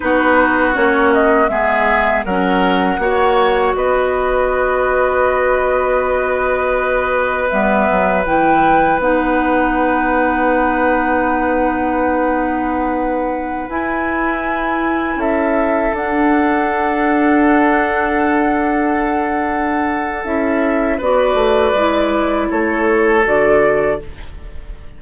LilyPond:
<<
  \new Staff \with { instrumentName = "flute" } { \time 4/4 \tempo 4 = 80 b'4 cis''8 dis''8 e''4 fis''4~ | fis''4 dis''2.~ | dis''2 e''4 g''4 | fis''1~ |
fis''2~ fis''16 gis''4.~ gis''16~ | gis''16 e''4 fis''2~ fis''8.~ | fis''2. e''4 | d''2 cis''4 d''4 | }
  \new Staff \with { instrumentName = "oboe" } { \time 4/4 fis'2 gis'4 ais'4 | cis''4 b'2.~ | b'1~ | b'1~ |
b'1~ | b'16 a'2.~ a'8.~ | a'1 | b'2 a'2 | }
  \new Staff \with { instrumentName = "clarinet" } { \time 4/4 dis'4 cis'4 b4 cis'4 | fis'1~ | fis'2 b4 e'4 | dis'1~ |
dis'2~ dis'16 e'4.~ e'16~ | e'4~ e'16 d'2~ d'8.~ | d'2. e'4 | fis'4 e'2 fis'4 | }
  \new Staff \with { instrumentName = "bassoon" } { \time 4/4 b4 ais4 gis4 fis4 | ais4 b2.~ | b2 g8 fis8 e4 | b1~ |
b2~ b16 e'4.~ e'16~ | e'16 cis'4 d'2~ d'8.~ | d'2. cis'4 | b8 a8 gis4 a4 d4 | }
>>